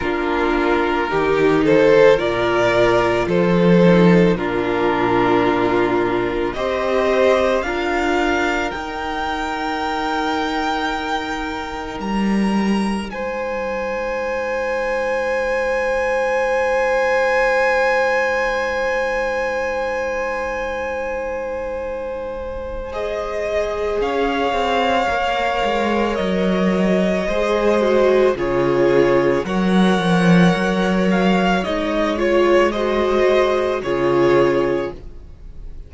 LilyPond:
<<
  \new Staff \with { instrumentName = "violin" } { \time 4/4 \tempo 4 = 55 ais'4. c''8 d''4 c''4 | ais'2 dis''4 f''4 | g''2. ais''4 | gis''1~ |
gis''1~ | gis''4 dis''4 f''2 | dis''2 cis''4 fis''4~ | fis''8 f''8 dis''8 cis''8 dis''4 cis''4 | }
  \new Staff \with { instrumentName = "violin" } { \time 4/4 f'4 g'8 a'8 ais'4 a'4 | f'2 c''4 ais'4~ | ais'1 | c''1~ |
c''1~ | c''2 cis''2~ | cis''4 c''4 gis'4 cis''4~ | cis''2 c''4 gis'4 | }
  \new Staff \with { instrumentName = "viola" } { \time 4/4 d'4 dis'4 f'4. dis'8 | d'2 g'4 f'4 | dis'1~ | dis'1~ |
dis'1~ | dis'4 gis'2 ais'4~ | ais'4 gis'8 fis'8 f'4 ais'4~ | ais'4 dis'8 f'8 fis'4 f'4 | }
  \new Staff \with { instrumentName = "cello" } { \time 4/4 ais4 dis4 ais,4 f4 | ais,2 c'4 d'4 | dis'2. g4 | gis1~ |
gis1~ | gis2 cis'8 c'8 ais8 gis8 | fis4 gis4 cis4 fis8 f8 | fis4 gis2 cis4 | }
>>